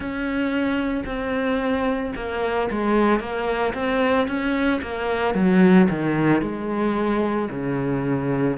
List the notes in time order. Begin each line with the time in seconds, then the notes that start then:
0.00 C#4
1.05 C4
2.16 A#3
2.70 G#3
3.19 A#3
3.74 C4
4.27 C#4
4.82 A#3
5.34 F#3
5.89 D#3
6.41 G#3
7.50 C#3